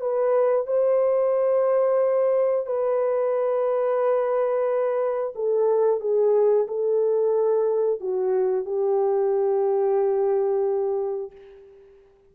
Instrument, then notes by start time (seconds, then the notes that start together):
horn
0.00 B4
0.67 C5
2.66 B4
5.35 A4
6.00 G#4
6.67 A4
8.00 F#4
8.65 G4